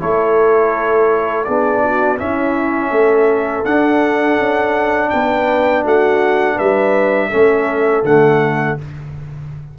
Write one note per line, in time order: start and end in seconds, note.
0.00 1.48 A3
0.00 1.46 E4
0.00 1.46 A4
0.00 1.45 C#5
1.45 2.22 B3
1.45 2.18 D4
1.45 1.83 G#4
1.45 2.18 D5
1.83 2.20 F#4
2.18 3.65 C#4
2.18 2.91 C#4
2.18 2.91 E4
2.18 3.65 E5
2.91 3.65 A3
2.91 5.10 A4
3.65 4.39 D4
3.65 7.31 D4
3.65 5.10 F#5
4.39 5.12 C#4
5.10 5.85 B3
5.10 5.85 B4
5.10 5.83 G5
5.85 6.58 A3
5.85 6.55 F#4
5.85 6.59 F#5
6.55 7.33 G3
6.55 7.29 B4
6.55 8.05 E5
7.30 8.04 A3
7.30 8.04 C#4
7.30 8.77 A4
8.04 8.77 D3
8.04 8.79 A3
8.04 8.79 F#5